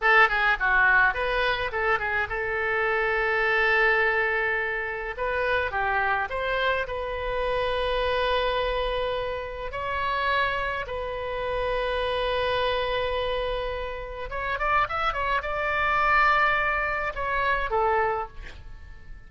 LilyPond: \new Staff \with { instrumentName = "oboe" } { \time 4/4 \tempo 4 = 105 a'8 gis'8 fis'4 b'4 a'8 gis'8 | a'1~ | a'4 b'4 g'4 c''4 | b'1~ |
b'4 cis''2 b'4~ | b'1~ | b'4 cis''8 d''8 e''8 cis''8 d''4~ | d''2 cis''4 a'4 | }